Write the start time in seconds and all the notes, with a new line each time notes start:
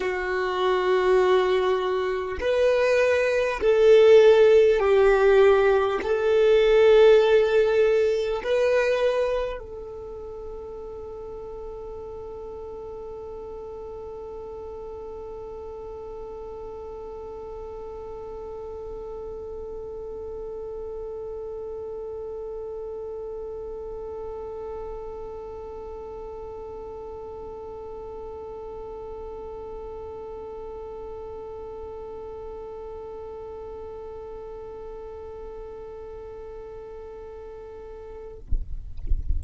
0.00 F#4
2.40 B4
3.61 A4
4.79 G4
6.02 A4
8.43 B4
9.59 A4